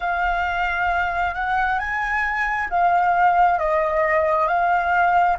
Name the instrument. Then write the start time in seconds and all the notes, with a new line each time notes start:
flute
0.00 F5
1.34 F#5
1.78 G#5
2.69 F5
3.58 D#5
4.47 F5